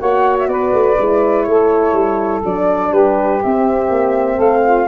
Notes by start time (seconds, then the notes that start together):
0.00 A#3 F#4 C#5 F#5
0.39 E5
0.48 B3 B4 D5
0.73 A3
0.98 G#3 E4
1.43 A3 C#5
1.49 A4
1.93 G3
2.45 F#3 D4 D5
2.90 G3 G4 B4
3.42 C4 E5
3.90 A#3
4.36 A3 A4 F5
4.65 F4